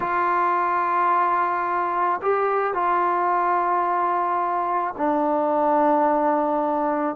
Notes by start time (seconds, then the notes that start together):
0.00 F4
2.21 G4
2.74 F4
4.97 D4